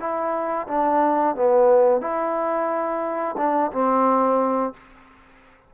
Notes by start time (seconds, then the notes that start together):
0.00 E4
0.68 D4
1.36 B3
2.02 E4
3.38 D4
3.73 C4